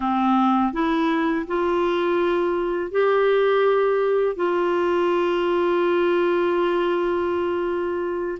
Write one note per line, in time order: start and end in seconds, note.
0.00 0.73 C4
0.73 1.46 E4
1.47 2.91 F4
2.91 4.35 G4
4.35 8.38 F4